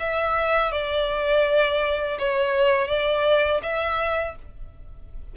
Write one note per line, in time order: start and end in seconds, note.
0.00 0.72 E5
0.72 2.19 D5
2.19 2.88 C#5
2.88 3.61 D5
3.63 4.36 E5